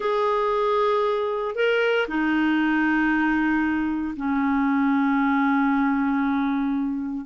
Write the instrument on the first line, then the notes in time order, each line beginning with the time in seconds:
clarinet
0.00 G#4
1.55 A#4
2.08 D#4
4.16 C#4